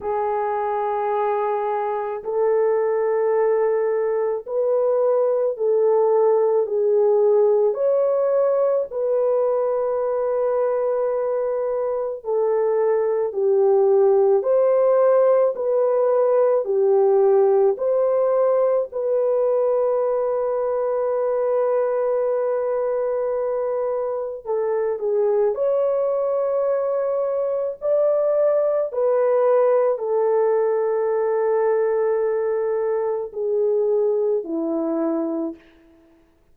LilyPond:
\new Staff \with { instrumentName = "horn" } { \time 4/4 \tempo 4 = 54 gis'2 a'2 | b'4 a'4 gis'4 cis''4 | b'2. a'4 | g'4 c''4 b'4 g'4 |
c''4 b'2.~ | b'2 a'8 gis'8 cis''4~ | cis''4 d''4 b'4 a'4~ | a'2 gis'4 e'4 | }